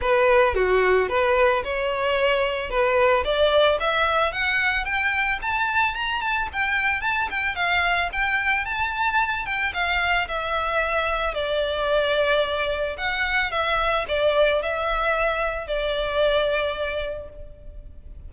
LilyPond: \new Staff \with { instrumentName = "violin" } { \time 4/4 \tempo 4 = 111 b'4 fis'4 b'4 cis''4~ | cis''4 b'4 d''4 e''4 | fis''4 g''4 a''4 ais''8 a''8 | g''4 a''8 g''8 f''4 g''4 |
a''4. g''8 f''4 e''4~ | e''4 d''2. | fis''4 e''4 d''4 e''4~ | e''4 d''2. | }